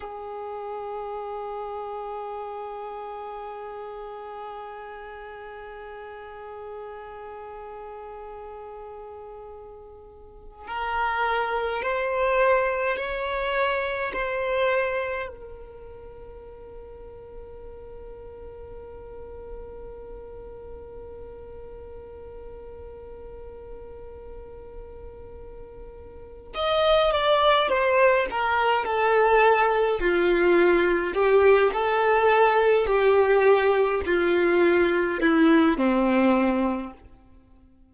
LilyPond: \new Staff \with { instrumentName = "violin" } { \time 4/4 \tempo 4 = 52 gis'1~ | gis'1~ | gis'4~ gis'16 ais'4 c''4 cis''8.~ | cis''16 c''4 ais'2~ ais'8.~ |
ais'1~ | ais'2. dis''8 d''8 | c''8 ais'8 a'4 f'4 g'8 a'8~ | a'8 g'4 f'4 e'8 c'4 | }